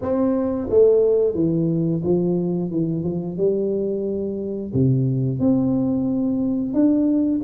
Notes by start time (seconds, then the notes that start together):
0.01 C4
0.69 A3
1.34 E3
2.03 F3
2.70 E3
3.03 F3
3.37 G3
4.73 C3
5.39 C4
6.73 D4